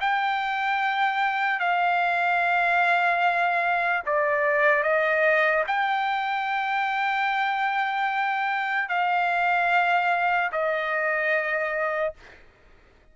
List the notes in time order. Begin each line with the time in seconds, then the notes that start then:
0.00 G5
1.59 F5
4.06 D5
4.83 D#5
5.67 G5
8.89 F5
10.52 D#5